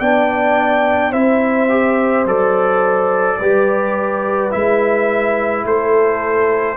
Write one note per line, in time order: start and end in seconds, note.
0.00 1.13 B3
0.00 1.13 D4
0.00 1.12 D5
0.00 1.13 G5
1.12 2.26 C4
1.12 1.69 E4
1.12 3.38 C5
1.12 2.26 E5
1.69 2.26 G4
2.26 3.39 F#3
2.26 3.40 A4
2.26 4.52 D5
3.40 4.54 G3
3.40 4.51 G4
3.40 5.66 B4
4.51 5.65 G#3
4.51 6.77 E4
4.51 5.66 E5
5.65 6.78 A3
5.65 6.78 A4
5.65 6.78 C5